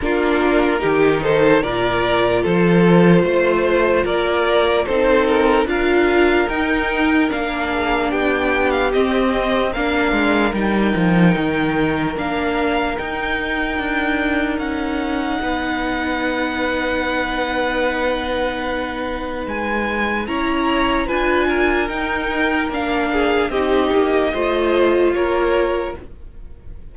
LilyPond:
<<
  \new Staff \with { instrumentName = "violin" } { \time 4/4 \tempo 4 = 74 ais'4. c''8 d''4 c''4~ | c''4 d''4 c''8 ais'8 f''4 | g''4 f''4 g''8. f''16 dis''4 | f''4 g''2 f''4 |
g''2 fis''2~ | fis''1 | gis''4 ais''4 gis''4 g''4 | f''4 dis''2 cis''4 | }
  \new Staff \with { instrumentName = "violin" } { \time 4/4 f'4 g'8 a'8 ais'4 a'4 | c''4 ais'4 a'4 ais'4~ | ais'4. gis'8 g'2 | ais'1~ |
ais'2. b'4~ | b'1~ | b'4 cis''4 b'8 ais'4.~ | ais'8 gis'8 g'4 c''4 ais'4 | }
  \new Staff \with { instrumentName = "viola" } { \time 4/4 d'4 dis'4 f'2~ | f'2 dis'4 f'4 | dis'4 d'2 c'4 | d'4 dis'2 d'4 |
dis'1~ | dis'1~ | dis'4 e'4 f'4 dis'4 | d'4 dis'4 f'2 | }
  \new Staff \with { instrumentName = "cello" } { \time 4/4 ais4 dis4 ais,4 f4 | a4 ais4 c'4 d'4 | dis'4 ais4 b4 c'4 | ais8 gis8 g8 f8 dis4 ais4 |
dis'4 d'4 cis'4 b4~ | b1 | gis4 cis'4 d'4 dis'4 | ais4 c'8 ais8 a4 ais4 | }
>>